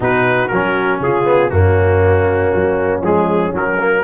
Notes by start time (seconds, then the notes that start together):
0.00 B2 D#4 F#4 B4
0.48 F#3 C#4 A#4
1.00 C#3 F4 G#4
1.24 B3
1.49 F#2 A#3 C#4 F#4
2.54 F#3
3.01 F3 G#3 G#4
3.52 F#3 A#4
3.78 A#3